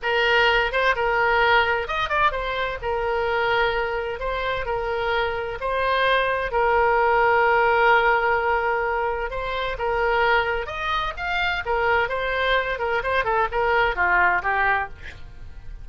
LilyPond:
\new Staff \with { instrumentName = "oboe" } { \time 4/4 \tempo 4 = 129 ais'4. c''8 ais'2 | dis''8 d''8 c''4 ais'2~ | ais'4 c''4 ais'2 | c''2 ais'2~ |
ais'1 | c''4 ais'2 dis''4 | f''4 ais'4 c''4. ais'8 | c''8 a'8 ais'4 f'4 g'4 | }